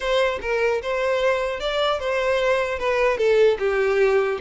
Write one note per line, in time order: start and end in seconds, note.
0.00 0.39 C5
0.41 0.81 A#4
0.82 1.60 C5
1.60 1.99 D5
1.99 2.78 C5
2.78 3.17 B4
3.17 3.57 A4
3.58 4.38 G4